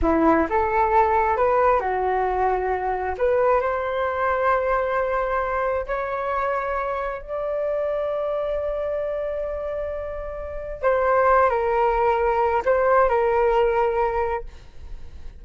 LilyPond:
\new Staff \with { instrumentName = "flute" } { \time 4/4 \tempo 4 = 133 e'4 a'2 b'4 | fis'2. b'4 | c''1~ | c''4 cis''2. |
d''1~ | d''1 | c''4. ais'2~ ais'8 | c''4 ais'2. | }